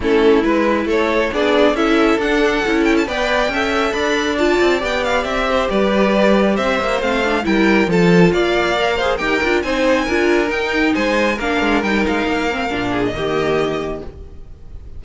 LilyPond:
<<
  \new Staff \with { instrumentName = "violin" } { \time 4/4 \tempo 4 = 137 a'4 b'4 cis''4 d''4 | e''4 fis''4. g''16 a''16 g''4~ | g''4 b''4 a''4 g''8 f''8 | e''4 d''2 e''4 |
f''4 g''4 a''4 f''4~ | f''4 g''4 gis''2 | g''4 gis''4 f''4 g''8 f''8~ | f''4.~ f''16 dis''2~ dis''16 | }
  \new Staff \with { instrumentName = "violin" } { \time 4/4 e'2 a'4 gis'4 | a'2. d''4 | e''4 d''2.~ | d''8 c''8 b'2 c''4~ |
c''4 ais'4 a'4 d''4~ | d''8 c''8 ais'4 c''4 ais'4~ | ais'4 c''4 ais'2~ | ais'4. gis'8 g'2 | }
  \new Staff \with { instrumentName = "viola" } { \time 4/4 cis'4 e'2 d'4 | e'4 d'4 e'4 b'4 | a'2 f'4 g'4~ | g'1 |
c'8 d'8 e'4 f'2 | ais'8 gis'8 g'8 f'8 dis'4 f'4 | dis'2 d'4 dis'4~ | dis'8 c'8 d'4 ais2 | }
  \new Staff \with { instrumentName = "cello" } { \time 4/4 a4 gis4 a4 b4 | cis'4 d'4 cis'4 b4 | cis'4 d'4. c'8 b4 | c'4 g2 c'8 ais8 |
a4 g4 f4 ais4~ | ais4 dis'8 d'8 c'4 d'4 | dis'4 gis4 ais8 gis8 g8 gis8 | ais4 ais,4 dis2 | }
>>